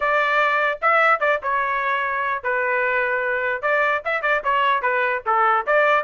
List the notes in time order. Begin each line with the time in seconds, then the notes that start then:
0.00 D5
0.81 E5
1.20 D5
1.42 C#5
2.43 B4
3.61 D5
4.05 E5
4.22 D5
4.44 C#5
4.82 B4
5.26 A4
5.66 D5